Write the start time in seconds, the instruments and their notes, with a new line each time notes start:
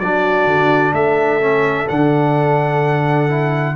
0.00 tuba F#3, trombone D4, horn F#4, trumpet D5
0.47 tuba D3
0.93 tuba A3, horn A4, trumpet E5
1.41 trombone C#4
1.89 tuba D3, trombone D4, trumpet F#5
3.29 trombone E4